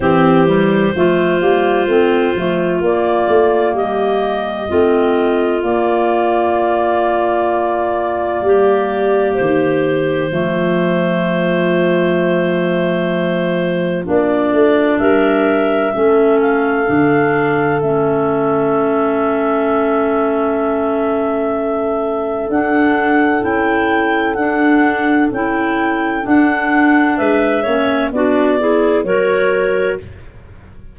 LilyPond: <<
  \new Staff \with { instrumentName = "clarinet" } { \time 4/4 \tempo 4 = 64 c''2. d''4 | dis''2 d''2~ | d''2 c''2~ | c''2. d''4 |
e''4. f''4. e''4~ | e''1 | fis''4 g''4 fis''4 g''4 | fis''4 e''4 d''4 cis''4 | }
  \new Staff \with { instrumentName = "clarinet" } { \time 4/4 g'4 f'2. | g'4 f'2.~ | f'4 g'2 f'4~ | f'1 |
ais'4 a'2.~ | a'1~ | a'1~ | a'4 b'8 cis''8 fis'8 gis'8 ais'4 | }
  \new Staff \with { instrumentName = "clarinet" } { \time 4/4 c'8 g8 a8 ais8 c'8 a8 ais4~ | ais4 c'4 ais2~ | ais2. a4~ | a2. d'4~ |
d'4 cis'4 d'4 cis'4~ | cis'1 | d'4 e'4 d'4 e'4 | d'4. cis'8 d'8 e'8 fis'4 | }
  \new Staff \with { instrumentName = "tuba" } { \time 4/4 e4 f8 g8 a8 f8 ais8 a8 | g4 a4 ais2~ | ais4 g4 dis4 f4~ | f2. ais8 a8 |
g4 a4 d4 a4~ | a1 | d'4 cis'4 d'4 cis'4 | d'4 gis8 ais8 b4 fis4 | }
>>